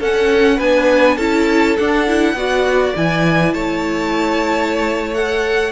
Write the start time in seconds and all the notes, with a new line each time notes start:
0.00 C#4 A4 F#5
0.57 B3 D4 B4 G#5
1.16 C#4 E4 A4 A5
1.78 D4 F#5
2.07 E4
2.34 B3 F#4 D5
2.96 E3 E4 G#5
3.54 A3 C#5 A5
5.14 A4 F#5